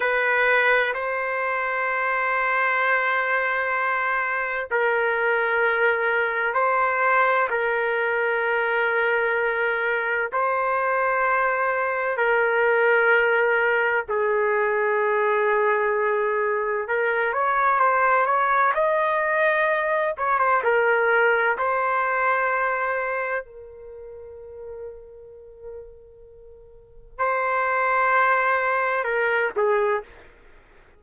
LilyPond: \new Staff \with { instrumentName = "trumpet" } { \time 4/4 \tempo 4 = 64 b'4 c''2.~ | c''4 ais'2 c''4 | ais'2. c''4~ | c''4 ais'2 gis'4~ |
gis'2 ais'8 cis''8 c''8 cis''8 | dis''4. cis''16 c''16 ais'4 c''4~ | c''4 ais'2.~ | ais'4 c''2 ais'8 gis'8 | }